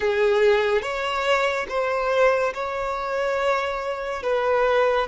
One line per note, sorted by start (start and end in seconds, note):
0.00 0.81 G#4
0.81 1.66 C#5
1.68 2.53 C5
2.54 4.23 C#5
4.23 5.07 B4